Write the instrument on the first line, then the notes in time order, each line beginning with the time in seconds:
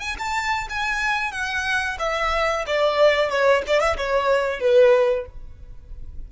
violin
0.00 G#5
0.19 A5
0.70 G#5
1.32 F#5
1.99 E5
2.67 D5
3.30 C#5
3.67 D5
3.81 E5
3.97 C#5
4.60 B4